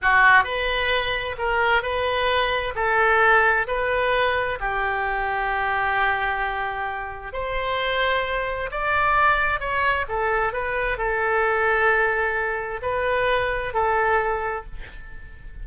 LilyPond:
\new Staff \with { instrumentName = "oboe" } { \time 4/4 \tempo 4 = 131 fis'4 b'2 ais'4 | b'2 a'2 | b'2 g'2~ | g'1 |
c''2. d''4~ | d''4 cis''4 a'4 b'4 | a'1 | b'2 a'2 | }